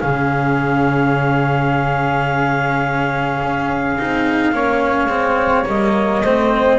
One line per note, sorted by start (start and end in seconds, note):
0.00 3.42 C#3
0.00 3.96 C#4
0.00 4.54 G#4
0.00 5.66 F5
3.42 3.99 C#4
3.98 4.52 C4
3.98 4.53 D#4
4.52 5.05 A#3
4.52 5.09 C#4
4.52 6.23 C#5
5.05 5.62 G#3
5.05 5.65 C4
5.65 6.22 G3
5.65 6.22 A#3
5.65 6.79 D#5
6.22 6.79 A3
6.22 6.79 C4
6.22 6.79 C5